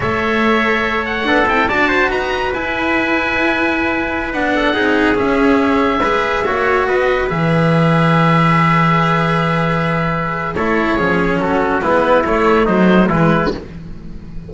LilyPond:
<<
  \new Staff \with { instrumentName = "oboe" } { \time 4/4 \tempo 4 = 142 e''2~ e''8 fis''4 g''8 | a''4 ais''4 gis''2~ | gis''2~ gis''16 fis''4.~ fis''16~ | fis''16 e''2.~ e''8.~ |
e''16 dis''4 e''2~ e''8.~ | e''1~ | e''4 cis''2 a'4 | b'4 cis''4 c''4 b'4 | }
  \new Staff \with { instrumentName = "trumpet" } { \time 4/4 cis''2. a'4 | d''8 c''8 b'2.~ | b'2~ b'8. a'8 gis'8.~ | gis'2~ gis'16 b'4 cis''8.~ |
cis''16 b'2.~ b'8.~ | b'1~ | b'4 a'4 gis'4 fis'4 | e'2 dis'4 e'4 | }
  \new Staff \with { instrumentName = "cello" } { \time 4/4 a'2. d'8 e'8 | fis'2 e'2~ | e'2~ e'16 d'4 dis'8.~ | dis'16 cis'2 gis'4 fis'8.~ |
fis'4~ fis'16 gis'2~ gis'8.~ | gis'1~ | gis'4 e'4 cis'2 | b4 a4 fis4 gis4 | }
  \new Staff \with { instrumentName = "double bass" } { \time 4/4 a2. b8 c'8 | d'4 dis'4 e'2~ | e'2~ e'16 b4 c'8.~ | c'16 cis'2 gis4 ais8.~ |
ais16 b4 e2~ e8.~ | e1~ | e4 a4 f4 fis4 | gis4 a2 e4 | }
>>